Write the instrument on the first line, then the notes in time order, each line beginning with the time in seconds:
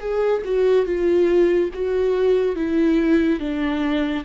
viola
0.00 G#4
0.45 F#4
0.86 F4
1.74 F#4
2.56 E4
3.40 D4